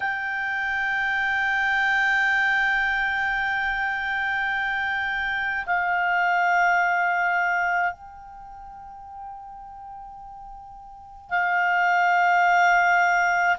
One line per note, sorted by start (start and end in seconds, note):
0.00 5.65 G5
5.66 7.92 F5
7.92 11.30 G5
11.30 13.56 F5